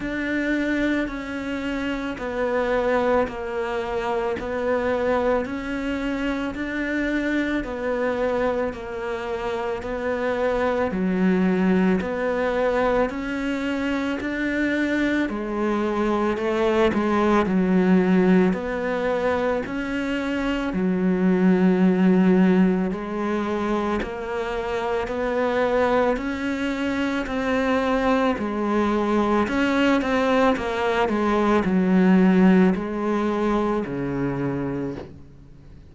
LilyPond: \new Staff \with { instrumentName = "cello" } { \time 4/4 \tempo 4 = 55 d'4 cis'4 b4 ais4 | b4 cis'4 d'4 b4 | ais4 b4 fis4 b4 | cis'4 d'4 gis4 a8 gis8 |
fis4 b4 cis'4 fis4~ | fis4 gis4 ais4 b4 | cis'4 c'4 gis4 cis'8 c'8 | ais8 gis8 fis4 gis4 cis4 | }